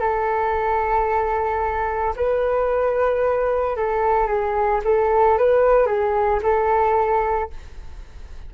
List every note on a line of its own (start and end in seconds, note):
0.00 2.14 A4
2.16 3.76 B4
3.76 4.27 A4
4.27 4.81 G#4
4.84 5.38 A4
5.38 5.86 B4
5.86 6.40 G#4
6.43 7.50 A4